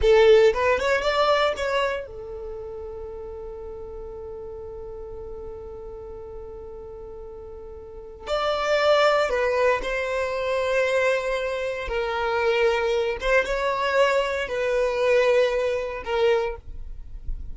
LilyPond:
\new Staff \with { instrumentName = "violin" } { \time 4/4 \tempo 4 = 116 a'4 b'8 cis''8 d''4 cis''4 | a'1~ | a'1~ | a'1 |
d''2 b'4 c''4~ | c''2. ais'4~ | ais'4. c''8 cis''2 | b'2. ais'4 | }